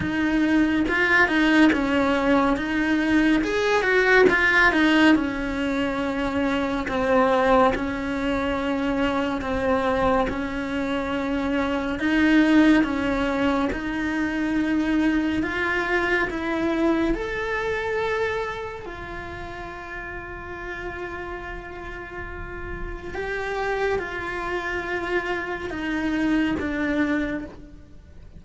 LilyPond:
\new Staff \with { instrumentName = "cello" } { \time 4/4 \tempo 4 = 70 dis'4 f'8 dis'8 cis'4 dis'4 | gis'8 fis'8 f'8 dis'8 cis'2 | c'4 cis'2 c'4 | cis'2 dis'4 cis'4 |
dis'2 f'4 e'4 | a'2 f'2~ | f'2. g'4 | f'2 dis'4 d'4 | }